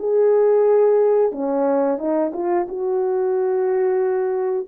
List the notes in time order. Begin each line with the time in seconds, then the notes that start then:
0.00 G#4
1.32 C#4
1.99 D#4
2.34 F4
2.69 F#4